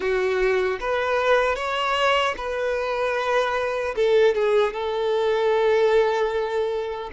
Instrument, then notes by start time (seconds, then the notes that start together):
violin
0.00 F#4
0.80 B4
1.55 C#5
2.37 B4
3.95 A4
4.34 G#4
4.73 A4